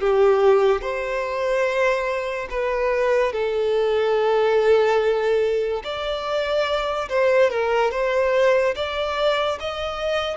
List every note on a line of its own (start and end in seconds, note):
0.00 0.81 G4
0.81 2.48 C5
2.50 3.32 B4
3.32 5.82 A4
5.83 7.08 D5
7.09 7.50 C5
7.50 7.91 A#4
7.91 8.74 C5
8.75 9.59 D5
9.59 10.37 D#5